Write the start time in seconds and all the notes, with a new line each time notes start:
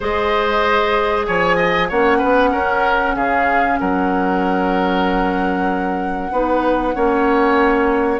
0.00 G#3 G#4 C5 D#5
1.26 F3 C#5 G#5
1.56 D#5
1.88 A#3 C#4 C#5 F#5
2.18 B3 B4
2.52 C#4 A#4
3.15 C#3 G#4 F5
3.79 F#3 A#4 F#5
6.31 B3 D#4 B4
6.94 A#3 C#4 C#5